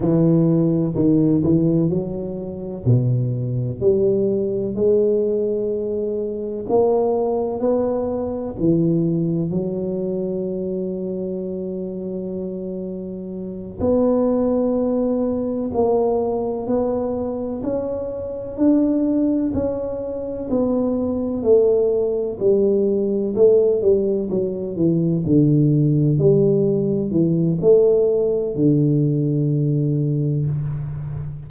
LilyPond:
\new Staff \with { instrumentName = "tuba" } { \time 4/4 \tempo 4 = 63 e4 dis8 e8 fis4 b,4 | g4 gis2 ais4 | b4 e4 fis2~ | fis2~ fis8 b4.~ |
b8 ais4 b4 cis'4 d'8~ | d'8 cis'4 b4 a4 g8~ | g8 a8 g8 fis8 e8 d4 g8~ | g8 e8 a4 d2 | }